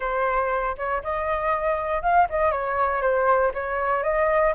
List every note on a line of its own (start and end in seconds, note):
0.00 0.76 C5
0.77 1.02 C#5
1.03 2.02 D#5
2.02 2.27 F5
2.29 2.51 D#5
2.51 3.01 C#5
3.01 3.52 C5
3.53 4.03 C#5
4.03 4.53 D#5